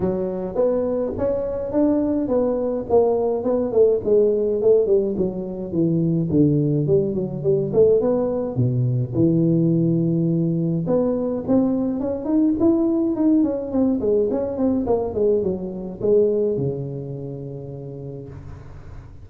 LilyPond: \new Staff \with { instrumentName = "tuba" } { \time 4/4 \tempo 4 = 105 fis4 b4 cis'4 d'4 | b4 ais4 b8 a8 gis4 | a8 g8 fis4 e4 d4 | g8 fis8 g8 a8 b4 b,4 |
e2. b4 | c'4 cis'8 dis'8 e'4 dis'8 cis'8 | c'8 gis8 cis'8 c'8 ais8 gis8 fis4 | gis4 cis2. | }